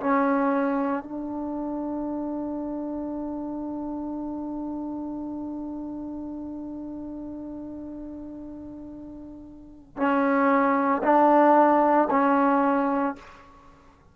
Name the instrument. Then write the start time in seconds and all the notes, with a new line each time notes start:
trombone
0.00 C#4
1.03 D4
9.97 C#4
11.03 D4
12.11 C#4